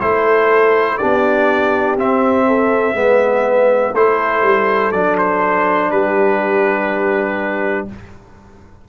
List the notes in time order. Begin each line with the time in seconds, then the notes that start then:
0.00 A3 E4 A4 C5
0.98 B3 D4 G4 D5
1.96 C4 E5
2.47 A4
2.93 G#3 B3 B4
3.93 A3 E4 C5
3.99 A4
4.42 G3
4.91 F#3 D4 D5
5.18 C5
5.91 G3 G4 B4